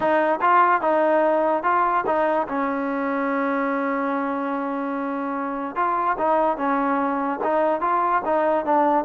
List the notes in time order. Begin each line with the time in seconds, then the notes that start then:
0.00 D#4
0.41 F4
0.81 D#4
1.63 F4
2.06 D#4
2.48 C#4
5.75 F4
6.18 D#4
6.57 C#4
7.43 D#4
7.80 F4
8.25 D#4
8.65 D4